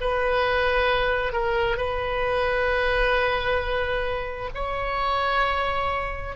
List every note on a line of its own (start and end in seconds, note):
0.00 1.32 B4
1.32 1.76 A#4
1.76 4.49 B4
4.55 6.35 C#5